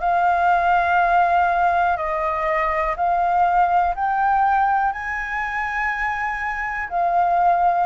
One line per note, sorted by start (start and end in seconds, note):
0.00 1.97 F5
1.97 2.95 D#5
2.96 3.95 F5
3.95 4.92 G5
4.92 6.89 G#5
6.89 7.86 F5